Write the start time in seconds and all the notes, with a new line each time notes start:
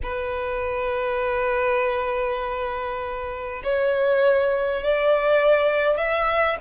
0.02 B4
3.63 C#5
4.83 D5
5.97 E5